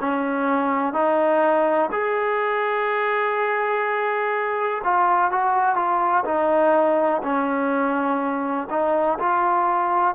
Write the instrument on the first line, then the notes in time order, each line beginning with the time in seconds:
trombone
0.00 C#4
0.93 D#4
1.92 G#4
4.84 F4
5.31 F#4
5.76 F4
6.25 D#4
7.23 C#4
8.70 D#4
9.19 F4